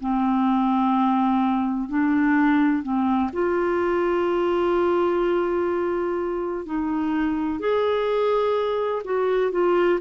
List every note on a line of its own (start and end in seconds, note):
0.00 1.89 C4
1.89 2.82 D4
2.82 3.30 C4
3.32 6.65 F4
6.65 7.59 D#4
7.59 9.02 G#4
9.04 9.51 F#4
9.51 9.99 F4